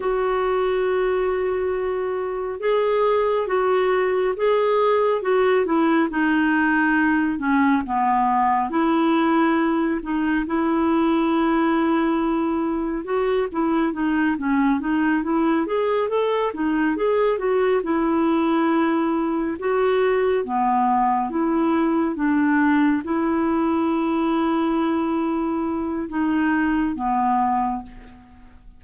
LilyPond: \new Staff \with { instrumentName = "clarinet" } { \time 4/4 \tempo 4 = 69 fis'2. gis'4 | fis'4 gis'4 fis'8 e'8 dis'4~ | dis'8 cis'8 b4 e'4. dis'8 | e'2. fis'8 e'8 |
dis'8 cis'8 dis'8 e'8 gis'8 a'8 dis'8 gis'8 | fis'8 e'2 fis'4 b8~ | b8 e'4 d'4 e'4.~ | e'2 dis'4 b4 | }